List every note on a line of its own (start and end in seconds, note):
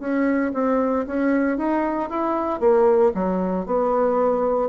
0.00 0.52 C#4
0.54 1.06 C4
1.07 1.58 C#4
1.58 2.10 D#4
2.10 2.60 E4
2.60 3.12 A#3
3.15 3.66 F#3
3.66 4.69 B3